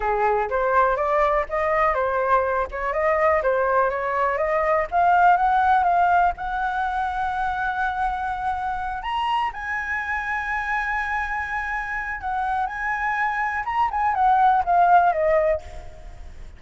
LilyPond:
\new Staff \with { instrumentName = "flute" } { \time 4/4 \tempo 4 = 123 gis'4 c''4 d''4 dis''4 | c''4. cis''8 dis''4 c''4 | cis''4 dis''4 f''4 fis''4 | f''4 fis''2.~ |
fis''2~ fis''8 ais''4 gis''8~ | gis''1~ | gis''4 fis''4 gis''2 | ais''8 gis''8 fis''4 f''4 dis''4 | }